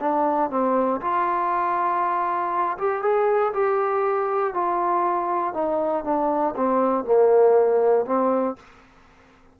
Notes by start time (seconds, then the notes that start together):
0.00 D4
0.51 C4
1.01 F4
2.78 G4
3.02 G#4
3.54 G4
4.54 F4
5.54 D#4
6.05 D4
6.56 C4
7.05 A#3
8.06 C4